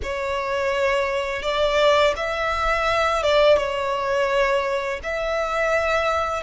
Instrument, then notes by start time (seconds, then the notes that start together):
violin
0.03 C#5
1.42 D5
2.16 E5
3.22 D5
3.57 C#5
5.03 E5